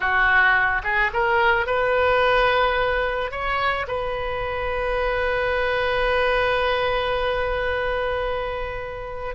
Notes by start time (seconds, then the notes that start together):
0.00 F#4
0.83 G#4
1.13 A#4
1.66 B4
3.31 C#5
3.87 B4